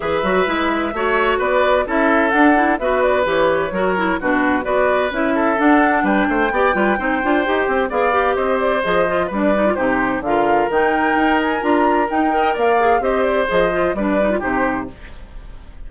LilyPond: <<
  \new Staff \with { instrumentName = "flute" } { \time 4/4 \tempo 4 = 129 e''2. d''4 | e''4 fis''4 e''8 d''8 cis''4~ | cis''4 b'4 d''4 e''4 | fis''4 g''2.~ |
g''4 f''4 dis''8 d''8 dis''4 | d''4 c''4 f''4 g''4~ | g''8 gis''8 ais''4 g''4 f''4 | dis''8 d''8 dis''4 d''4 c''4 | }
  \new Staff \with { instrumentName = "oboe" } { \time 4/4 b'2 cis''4 b'4 | a'2 b'2 | ais'4 fis'4 b'4. a'8~ | a'4 b'8 c''8 d''8 b'8 c''4~ |
c''4 d''4 c''2 | b'4 g'4 ais'2~ | ais'2~ ais'8 dis''8 d''4 | c''2 b'4 g'4 | }
  \new Staff \with { instrumentName = "clarinet" } { \time 4/4 gis'8 fis'8 e'4 fis'2 | e'4 d'8 e'8 fis'4 g'4 | fis'8 e'8 d'4 fis'4 e'4 | d'2 g'8 f'8 dis'8 f'8 |
g'4 gis'8 g'4. gis'8 f'8 | d'8 dis'16 f'16 dis'4 f'4 dis'4~ | dis'4 f'4 dis'8 ais'4 gis'8 | g'4 gis'8 f'8 d'8 dis'16 f'16 dis'4 | }
  \new Staff \with { instrumentName = "bassoon" } { \time 4/4 e8 fis8 gis4 a4 b4 | cis'4 d'4 b4 e4 | fis4 b,4 b4 cis'4 | d'4 g8 a8 b8 g8 c'8 d'8 |
dis'8 c'8 b4 c'4 f4 | g4 c4 d4 dis4 | dis'4 d'4 dis'4 ais4 | c'4 f4 g4 c4 | }
>>